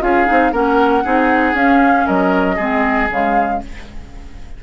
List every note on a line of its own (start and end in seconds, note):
0.00 0.27 C#4
0.00 0.26 F4
0.00 0.52 G#4
0.00 0.53 F5
0.26 0.52 C4
0.26 0.51 D#4
0.52 1.03 A#3
0.52 1.03 C#4
0.52 1.03 A#4
0.52 1.56 F#5
1.04 1.53 C4
1.04 1.55 D#4
1.04 2.06 G#4
1.53 2.05 C#4
1.53 2.57 C#4
1.53 2.07 F5
2.06 2.58 F#3
2.06 2.56 A#4
2.06 3.09 D#5
2.56 3.09 G#3
2.56 3.10 C4
2.56 3.58 G#4
3.10 3.62 C#3
3.10 3.62 G#3
3.10 3.63 F5